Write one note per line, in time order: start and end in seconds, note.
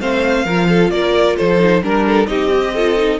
0.00 0.45 A3
0.00 0.46 C4
0.00 0.45 C5
0.00 0.90 F5
0.45 0.90 F3
0.45 1.59 F4
0.45 0.68 A#4
0.69 0.92 A4
0.90 1.36 A#3
0.90 1.37 A#4
0.90 1.36 D5
1.37 1.82 F3
1.37 1.82 A4
1.37 1.83 C5
1.59 1.82 D#4
1.82 2.28 G3
1.82 2.27 D4
1.82 2.06 A#4
1.82 2.27 A#4
2.06 2.29 A4
2.27 3.20 C4
2.27 2.50 D#4
2.27 2.74 G4
2.27 3.19 D#5
2.53 2.76 G4
2.74 2.97 F4
2.74 3.20 A4
2.97 3.20 D#4